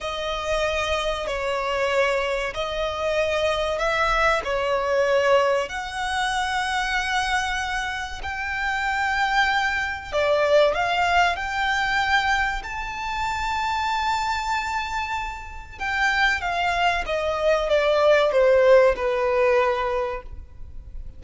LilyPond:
\new Staff \with { instrumentName = "violin" } { \time 4/4 \tempo 4 = 95 dis''2 cis''2 | dis''2 e''4 cis''4~ | cis''4 fis''2.~ | fis''4 g''2. |
d''4 f''4 g''2 | a''1~ | a''4 g''4 f''4 dis''4 | d''4 c''4 b'2 | }